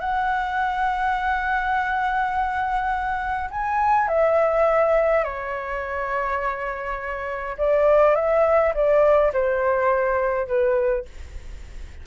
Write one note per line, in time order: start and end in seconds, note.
0.00 3.50 F#5
3.51 4.08 G#5
4.08 5.24 E5
5.24 7.57 C#5
7.58 8.15 D5
8.15 8.74 E5
8.74 9.33 D5
9.33 10.47 C5
10.47 11.05 B4